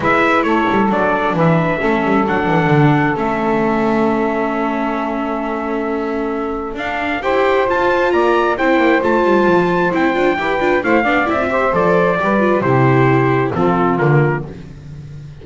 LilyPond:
<<
  \new Staff \with { instrumentName = "trumpet" } { \time 4/4 \tempo 4 = 133 e''4 cis''4 d''4 e''4~ | e''4 fis''2 e''4~ | e''1~ | e''2. f''4 |
g''4 a''4 ais''4 g''4 | a''2 g''2 | f''4 e''4 d''2 | c''2 a'4 ais'4 | }
  \new Staff \with { instrumentName = "saxophone" } { \time 4/4 b'4 a'2 b'4 | a'1~ | a'1~ | a'1 |
c''2 d''4 c''4~ | c''2. b'4 | c''8 d''4 c''4. b'4 | g'2 f'2 | }
  \new Staff \with { instrumentName = "viola" } { \time 4/4 e'2 d'2 | cis'4 d'2 cis'4~ | cis'1~ | cis'2. d'4 |
g'4 f'2 e'4 | f'2 e'8 f'8 g'8 f'8 | e'8 d'8 e'16 f'16 g'8 a'4 g'8 f'8 | e'2 c'4 ais4 | }
  \new Staff \with { instrumentName = "double bass" } { \time 4/4 gis4 a8 g8 fis4 e4 | a8 g8 fis8 e8 d4 a4~ | a1~ | a2. d'4 |
e'4 f'4 ais4 c'8 ais8 | a8 g8 f4 c'8 d'8 e'8 d'8 | a8 b8 c'4 f4 g4 | c2 f4 d4 | }
>>